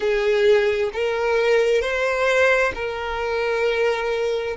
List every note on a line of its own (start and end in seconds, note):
0.00 0.90 G#4
0.93 1.81 A#4
1.81 2.72 C5
2.74 4.56 A#4